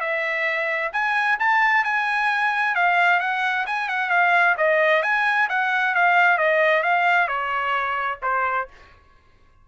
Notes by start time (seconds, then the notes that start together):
0.00 E5
0.92 G#5
1.39 A5
1.84 G#5
2.75 F5
3.20 F#5
3.66 G#5
3.88 F#5
4.10 F5
4.57 D#5
5.02 G#5
5.49 F#5
5.94 F5
6.38 D#5
6.83 F5
7.27 C#5
8.22 C5